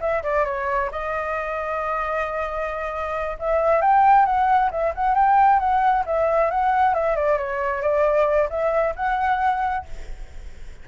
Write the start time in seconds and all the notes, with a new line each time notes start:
0.00 E5
0.23 D5
0.45 C#5
0.91 D#5
3.39 E5
3.82 G5
4.25 F#5
4.71 E5
4.95 F#5
5.15 G5
5.60 F#5
6.06 E5
6.51 F#5
6.94 E5
7.16 D5
7.38 C#5
7.82 D5
8.50 E5
8.96 F#5